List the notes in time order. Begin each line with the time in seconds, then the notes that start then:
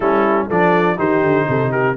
0.00 G3 C#4 E4 A4
0.47 F3 D4 A4 D5
0.96 D#3 D#4 G4 C5
1.22 D3
1.48 C3 A4
1.71 G4 A#4